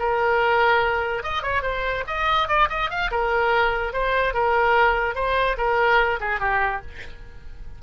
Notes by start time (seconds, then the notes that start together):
0.00 A#4
1.24 D#5
1.43 C#5
1.63 C5
2.07 D#5
2.48 D5
2.70 D#5
2.91 F5
3.11 A#4
3.93 C5
4.34 A#4
5.16 C5
5.58 A#4
6.21 G#4
6.40 G4